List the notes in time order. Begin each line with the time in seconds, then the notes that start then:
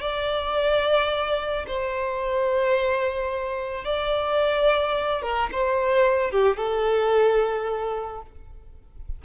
0.00 D5
1.67 C5
3.84 D5
5.22 A#4
5.52 C5
6.31 G4
6.56 A4